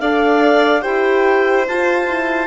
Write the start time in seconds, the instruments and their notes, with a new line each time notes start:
0.00 bassoon D4, horn A4, violin D5, clarinet F5
0.82 bassoon E4, horn G4, violin C5, clarinet G5
1.68 bassoon F4, horn F4, clarinet A5
2.07 horn E4